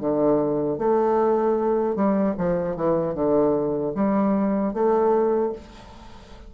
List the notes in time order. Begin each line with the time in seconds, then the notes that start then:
0.00 D3
0.78 A3
1.95 G3
2.38 F3
2.76 E3
3.14 D3
3.95 G3
4.74 A3